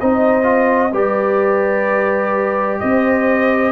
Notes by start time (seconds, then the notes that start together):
0.00 C4 D#4 C5 D#5
0.43 F4
0.92 G3 G4 B4 D5
2.79 C4 C5 D#5